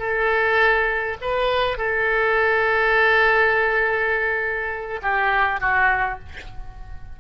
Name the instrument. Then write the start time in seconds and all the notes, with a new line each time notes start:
oboe
0.00 A4
1.22 B4
1.78 A4
5.03 G4
5.61 F#4